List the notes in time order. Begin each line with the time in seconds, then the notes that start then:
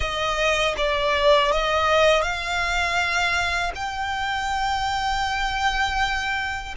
0.00 D#5
0.77 D5
1.52 D#5
2.22 F5
3.75 G5